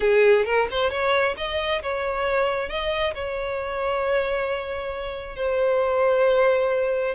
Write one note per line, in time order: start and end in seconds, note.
0.00 0.45 G#4
0.45 0.67 A#4
0.70 0.90 C5
0.90 1.35 C#5
1.37 1.81 D#5
1.82 2.69 C#5
2.69 3.13 D#5
3.14 5.36 C#5
5.36 7.14 C5